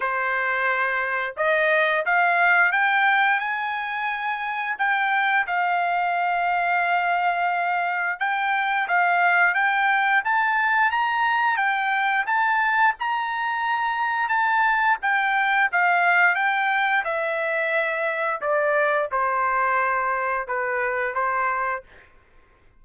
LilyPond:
\new Staff \with { instrumentName = "trumpet" } { \time 4/4 \tempo 4 = 88 c''2 dis''4 f''4 | g''4 gis''2 g''4 | f''1 | g''4 f''4 g''4 a''4 |
ais''4 g''4 a''4 ais''4~ | ais''4 a''4 g''4 f''4 | g''4 e''2 d''4 | c''2 b'4 c''4 | }